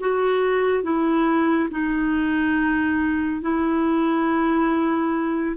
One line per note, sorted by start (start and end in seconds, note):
0.00 0.83 F#4
0.83 1.69 E4
1.71 3.42 D#4
3.42 5.56 E4